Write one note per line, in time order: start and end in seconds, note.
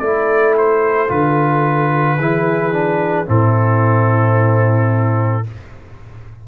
0.00 1.10 A3
0.00 1.09 E4
0.00 2.19 A4
0.00 0.55 D5
0.58 1.11 C5
1.09 2.19 D3
1.09 2.18 F4
1.09 3.29 B4
2.19 3.28 E3
2.19 2.73 E4
2.19 3.28 G#4
2.73 3.26 D4
3.26 5.47 A2
3.26 5.44 C4
3.26 5.46 E4
3.26 5.48 A4